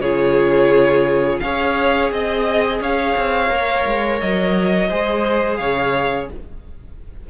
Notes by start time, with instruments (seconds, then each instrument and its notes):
0.00 cello C#3, viola F4, violin G#4 C#5
1.40 cello C#4, viola G#4, violin C#5 F5
2.11 cello C4, violin D#5
2.80 cello C#4, violin C#5 F5
3.17 cello C4
3.49 cello A#3, viola A#4
3.86 cello G#3
4.20 cello F#3, violin D#5
4.89 cello G#3, viola G#4, violin C5
5.56 cello C#3, violin C#5 F5